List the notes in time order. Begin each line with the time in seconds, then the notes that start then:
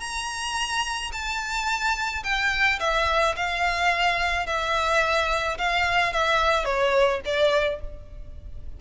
0.00 A#5
1.12 A5
2.23 G5
2.80 E5
3.36 F5
4.46 E5
5.58 F5
6.13 E5
6.65 C#5
7.25 D5